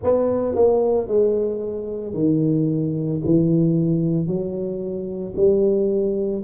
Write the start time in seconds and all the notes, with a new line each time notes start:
0.03 B3
0.55 A#3
1.07 G#3
2.13 D#3
3.24 E3
4.27 F#3
5.36 G3